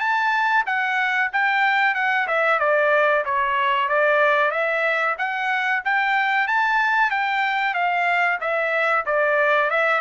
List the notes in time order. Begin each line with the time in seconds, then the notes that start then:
0.00 A5
0.66 F#5
1.33 G5
1.95 F#5
2.28 E5
2.60 D5
3.25 C#5
3.89 D5
4.51 E5
5.18 F#5
5.85 G5
6.48 A5
7.11 G5
7.74 F5
8.41 E5
9.06 D5
9.71 E5